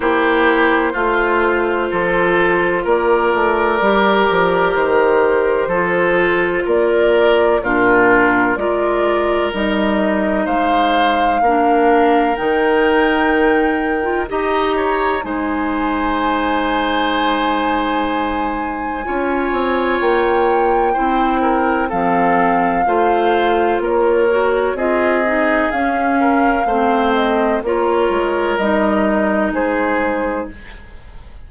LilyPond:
<<
  \new Staff \with { instrumentName = "flute" } { \time 4/4 \tempo 4 = 63 c''2. d''4~ | d''4 c''2 d''4 | ais'4 d''4 dis''4 f''4~ | f''4 g''2 ais''4 |
gis''1~ | gis''4 g''2 f''4~ | f''4 cis''4 dis''4 f''4~ | f''8 dis''8 cis''4 dis''4 c''4 | }
  \new Staff \with { instrumentName = "oboe" } { \time 4/4 g'4 f'4 a'4 ais'4~ | ais'2 a'4 ais'4 | f'4 ais'2 c''4 | ais'2. dis''8 cis''8 |
c''1 | cis''2 c''8 ais'8 a'4 | c''4 ais'4 gis'4. ais'8 | c''4 ais'2 gis'4 | }
  \new Staff \with { instrumentName = "clarinet" } { \time 4/4 e'4 f'2. | g'2 f'2 | d'4 f'4 dis'2 | d'4 dis'4.~ dis'16 f'16 g'4 |
dis'1 | f'2 e'4 c'4 | f'4. fis'8 f'8 dis'8 cis'4 | c'4 f'4 dis'2 | }
  \new Staff \with { instrumentName = "bassoon" } { \time 4/4 ais4 a4 f4 ais8 a8 | g8 f8 dis4 f4 ais4 | ais,4 gis4 g4 gis4 | ais4 dis2 dis'4 |
gis1 | cis'8 c'8 ais4 c'4 f4 | a4 ais4 c'4 cis'4 | a4 ais8 gis8 g4 gis4 | }
>>